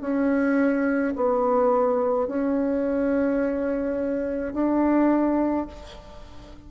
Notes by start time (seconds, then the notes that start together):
0.00 C#4
1.15 B3
2.27 C#4
4.52 D4